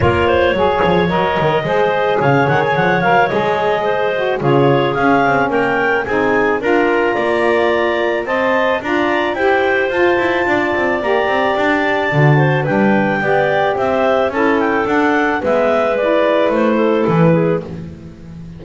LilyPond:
<<
  \new Staff \with { instrumentName = "clarinet" } { \time 4/4 \tempo 4 = 109 cis''2 dis''2 | f''8 fis''16 gis''16 fis''8 f''8 dis''2 | cis''4 f''4 g''4 gis''4 | ais''2. a''4 |
ais''4 g''4 a''2 | ais''4 a''2 g''4~ | g''4 e''4 a''8 g''8 fis''4 | e''4 d''4 c''4 b'4 | }
  \new Staff \with { instrumentName = "clarinet" } { \time 4/4 ais'8 c''8 cis''2 c''4 | cis''2. c''4 | gis'2 ais'4 gis'4 | ais'4 d''2 dis''4 |
d''4 c''2 d''4~ | d''2~ d''8 c''8 b'4 | d''4 c''4 a'2 | b'2~ b'8 a'4 gis'8 | }
  \new Staff \with { instrumentName = "saxophone" } { \time 4/4 f'4 gis'4 ais'4 gis'4~ | gis'4. ais'8 gis'4. fis'8 | f'4 cis'2 dis'4 | f'2. c''4 |
f'4 g'4 f'2 | g'2 fis'4 d'4 | g'2 e'4 d'4 | b4 e'2. | }
  \new Staff \with { instrumentName = "double bass" } { \time 4/4 ais4 fis8 f8 fis8 dis8 gis4 | cis8 dis8 f8 fis8 gis2 | cis4 cis'8 c'8 ais4 c'4 | d'4 ais2 c'4 |
d'4 e'4 f'8 e'8 d'8 c'8 | ais8 c'8 d'4 d4 g4 | b4 c'4 cis'4 d'4 | gis2 a4 e4 | }
>>